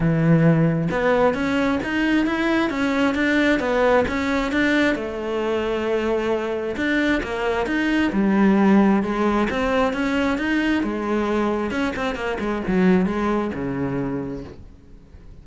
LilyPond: \new Staff \with { instrumentName = "cello" } { \time 4/4 \tempo 4 = 133 e2 b4 cis'4 | dis'4 e'4 cis'4 d'4 | b4 cis'4 d'4 a4~ | a2. d'4 |
ais4 dis'4 g2 | gis4 c'4 cis'4 dis'4 | gis2 cis'8 c'8 ais8 gis8 | fis4 gis4 cis2 | }